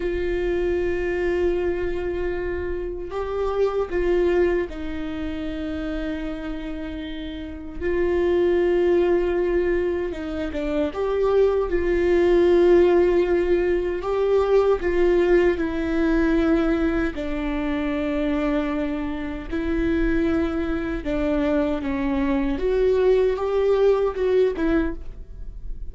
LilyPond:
\new Staff \with { instrumentName = "viola" } { \time 4/4 \tempo 4 = 77 f'1 | g'4 f'4 dis'2~ | dis'2 f'2~ | f'4 dis'8 d'8 g'4 f'4~ |
f'2 g'4 f'4 | e'2 d'2~ | d'4 e'2 d'4 | cis'4 fis'4 g'4 fis'8 e'8 | }